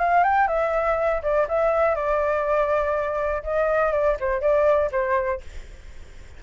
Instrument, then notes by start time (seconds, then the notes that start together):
flute
0.00 F5
0.24 G5
0.48 E5
1.23 D5
1.49 E5
1.96 D5
3.44 D#5
3.92 D5
4.20 C5
4.41 D5
4.92 C5